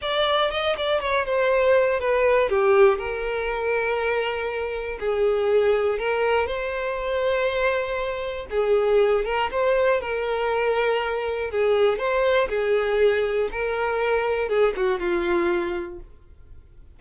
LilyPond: \new Staff \with { instrumentName = "violin" } { \time 4/4 \tempo 4 = 120 d''4 dis''8 d''8 cis''8 c''4. | b'4 g'4 ais'2~ | ais'2 gis'2 | ais'4 c''2.~ |
c''4 gis'4. ais'8 c''4 | ais'2. gis'4 | c''4 gis'2 ais'4~ | ais'4 gis'8 fis'8 f'2 | }